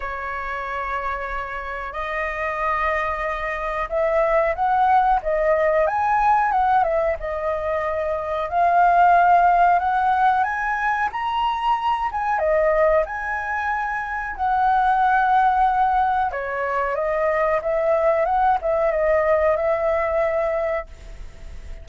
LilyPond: \new Staff \with { instrumentName = "flute" } { \time 4/4 \tempo 4 = 92 cis''2. dis''4~ | dis''2 e''4 fis''4 | dis''4 gis''4 fis''8 e''8 dis''4~ | dis''4 f''2 fis''4 |
gis''4 ais''4. gis''8 dis''4 | gis''2 fis''2~ | fis''4 cis''4 dis''4 e''4 | fis''8 e''8 dis''4 e''2 | }